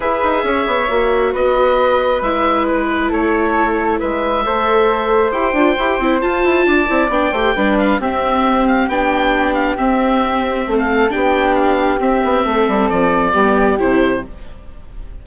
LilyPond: <<
  \new Staff \with { instrumentName = "oboe" } { \time 4/4 \tempo 4 = 135 e''2. dis''4~ | dis''4 e''4 b'4 cis''4~ | cis''4 e''2. | g''2 a''2 |
g''4. f''8 e''4. f''8 | g''4. f''8 e''2~ | e''16 f''8. g''4 f''4 e''4~ | e''4 d''2 c''4 | }
  \new Staff \with { instrumentName = "flute" } { \time 4/4 b'4 cis''2 b'4~ | b'2. a'4~ | a'4 b'4 c''2~ | c''2. d''4~ |
d''8 c''8 b'4 g'2~ | g'1 | a'4 g'2. | a'2 g'2 | }
  \new Staff \with { instrumentName = "viola" } { \time 4/4 gis'2 fis'2~ | fis'4 e'2.~ | e'2 a'2 | g'8 f'8 g'8 e'8 f'4. e'8 |
d'8 g'8 d'4 c'2 | d'2 c'2~ | c'4 d'2 c'4~ | c'2 b4 e'4 | }
  \new Staff \with { instrumentName = "bassoon" } { \time 4/4 e'8 dis'8 cis'8 b8 ais4 b4~ | b4 gis2 a4~ | a4 gis4 a2 | e'8 d'8 e'8 c'8 f'8 e'8 d'8 c'8 |
b8 a8 g4 c'2 | b2 c'2 | a4 b2 c'8 b8 | a8 g8 f4 g4 c4 | }
>>